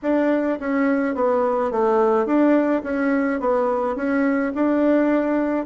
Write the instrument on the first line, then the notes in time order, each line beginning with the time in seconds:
bassoon
0.02 D4
0.59 C#4
1.14 B3
1.71 A3
2.25 D4
2.83 C#4
3.40 B3
3.95 C#4
4.54 D4